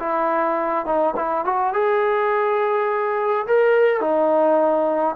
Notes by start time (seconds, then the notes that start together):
0.00 E4
0.86 D#4
1.16 E4
1.45 F#4
1.73 G#4
3.47 A#4
4.01 D#4